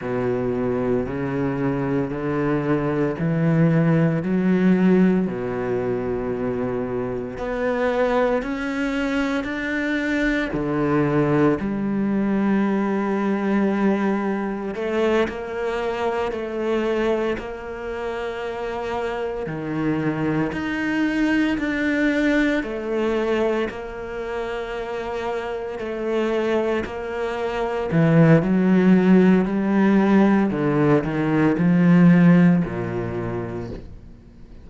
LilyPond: \new Staff \with { instrumentName = "cello" } { \time 4/4 \tempo 4 = 57 b,4 cis4 d4 e4 | fis4 b,2 b4 | cis'4 d'4 d4 g4~ | g2 a8 ais4 a8~ |
a8 ais2 dis4 dis'8~ | dis'8 d'4 a4 ais4.~ | ais8 a4 ais4 e8 fis4 | g4 d8 dis8 f4 ais,4 | }